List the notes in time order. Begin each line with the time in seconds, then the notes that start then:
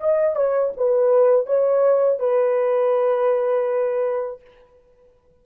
0.00 D#5
0.35 C#5
0.76 B4
1.46 C#5
2.19 B4